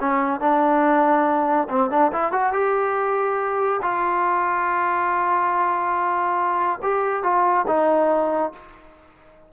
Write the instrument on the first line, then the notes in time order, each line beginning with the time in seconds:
trombone
0.00 C#4
0.41 D4
1.70 C4
1.91 D4
2.13 E4
2.32 F#4
2.53 G4
3.82 F4
6.83 G4
7.24 F4
7.68 D#4